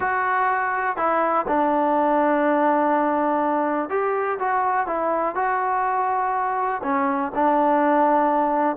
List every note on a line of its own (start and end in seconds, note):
0.00 0.96 F#4
0.96 1.45 E4
1.47 3.89 D4
3.89 4.38 G4
4.39 4.86 F#4
4.86 5.35 E4
5.35 6.81 F#4
6.83 7.31 C#4
7.34 8.76 D4